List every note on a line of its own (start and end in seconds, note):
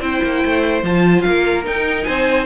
0.00 0.20 C4
0.00 0.83 E4
0.00 1.26 C5
0.00 0.83 G5
0.23 0.44 A#3
0.45 0.83 A3
0.83 1.23 F3
0.83 1.64 F4
0.83 1.21 A5
1.21 1.66 A#3
1.21 1.62 F5
1.28 2.06 A#4
1.64 2.45 D#4
1.64 2.07 D#4
1.64 2.04 G5
2.04 2.46 C4
2.04 2.46 C5
2.04 2.45 G#5